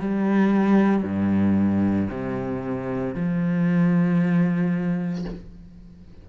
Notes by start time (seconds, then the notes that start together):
0.00 G3
1.03 G2
2.11 C3
3.15 F3